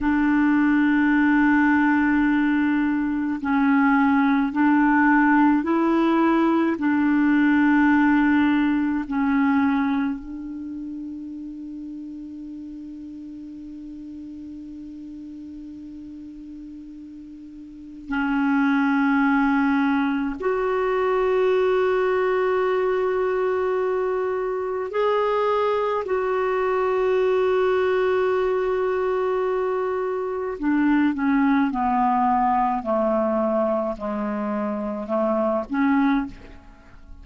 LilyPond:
\new Staff \with { instrumentName = "clarinet" } { \time 4/4 \tempo 4 = 53 d'2. cis'4 | d'4 e'4 d'2 | cis'4 d'2.~ | d'1 |
cis'2 fis'2~ | fis'2 gis'4 fis'4~ | fis'2. d'8 cis'8 | b4 a4 gis4 a8 cis'8 | }